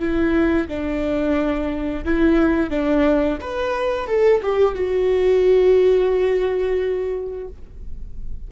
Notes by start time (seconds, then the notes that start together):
0.00 E4
0.68 D4
2.05 E4
2.71 D4
3.41 B4
4.08 A4
4.42 G4
4.75 F#4